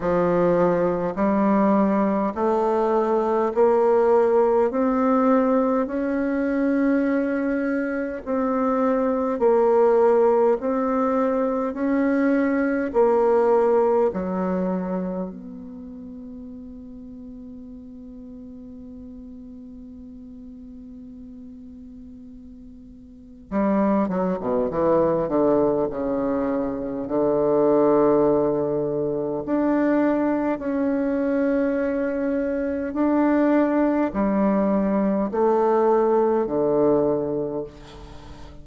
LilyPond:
\new Staff \with { instrumentName = "bassoon" } { \time 4/4 \tempo 4 = 51 f4 g4 a4 ais4 | c'4 cis'2 c'4 | ais4 c'4 cis'4 ais4 | fis4 b2.~ |
b1 | g8 fis16 b,16 e8 d8 cis4 d4~ | d4 d'4 cis'2 | d'4 g4 a4 d4 | }